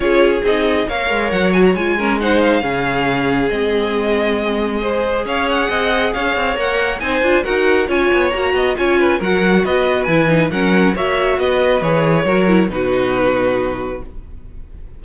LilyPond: <<
  \new Staff \with { instrumentName = "violin" } { \time 4/4 \tempo 4 = 137 cis''4 dis''4 f''4 fis''8 gis''16 ais''16 | gis''4 fis''8 f''2~ f''8 | dis''1 | f''8 fis''4. f''4 fis''4 |
gis''4 fis''4 gis''4 ais''4 | gis''4 fis''4 dis''4 gis''4 | fis''4 e''4 dis''4 cis''4~ | cis''4 b'2. | }
  \new Staff \with { instrumentName = "violin" } { \time 4/4 gis'2 cis''2~ | cis''8 ais'8 c''4 gis'2~ | gis'2. c''4 | cis''4 dis''4 cis''2 |
c''4 ais'4 cis''4. dis''8 | cis''8 b'8 ais'4 b'2 | ais'4 cis''4 b'2 | ais'4 fis'2. | }
  \new Staff \with { instrumentName = "viola" } { \time 4/4 f'4 dis'4 ais'4. fis'8 | f'8 cis'8 dis'4 cis'2 | c'2. gis'4~ | gis'2. ais'4 |
dis'8 f'8 fis'4 f'4 fis'4 | f'4 fis'2 e'8 dis'8 | cis'4 fis'2 gis'4 | fis'8 e'8 dis'2. | }
  \new Staff \with { instrumentName = "cello" } { \time 4/4 cis'4 c'4 ais8 gis8 fis4 | gis2 cis2 | gis1 | cis'4 c'4 cis'8 c'8 ais4 |
c'8 d'8 dis'4 cis'8 b8 ais8 b8 | cis'4 fis4 b4 e4 | fis4 ais4 b4 e4 | fis4 b,2. | }
>>